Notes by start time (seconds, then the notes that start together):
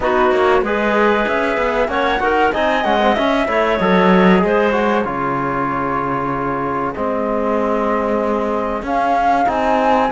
0.00 B3 D#4 F#4 B4
0.31 A#3 C#5
0.62 G#3 G#4 B4 D#5
1.27 C#4 E5
1.57 B3
1.88 A#3 C#4 C#5 F#5
2.19 D#4 F#4 A#4
2.52 C4 D#4 D#5 G#5
2.84 G#3 C#4 F#5
3.00 C4
3.14 C#4 E5
3.47 A3 E4 C#5
3.77 F#3 A4 D#5
4.38 G#3 G#4
4.45 C5
4.71 F#4 C#5
5.04 C#3 F4 G#4
6.94 G#3 C4 D#5
8.82 C#4 F5
9.45 C4 D#4 G#5